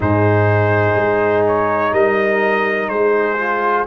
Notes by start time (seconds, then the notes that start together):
0.00 G#2 D#4 G#4 C5
0.95 G#3
1.47 C#5
1.92 G3 A#4 D#5
2.87 G#3 G#4 C5
3.38 F4